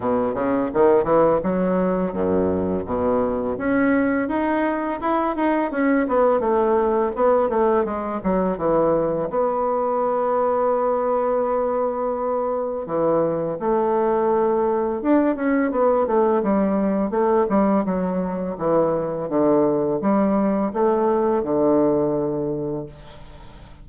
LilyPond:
\new Staff \with { instrumentName = "bassoon" } { \time 4/4 \tempo 4 = 84 b,8 cis8 dis8 e8 fis4 fis,4 | b,4 cis'4 dis'4 e'8 dis'8 | cis'8 b8 a4 b8 a8 gis8 fis8 | e4 b2.~ |
b2 e4 a4~ | a4 d'8 cis'8 b8 a8 g4 | a8 g8 fis4 e4 d4 | g4 a4 d2 | }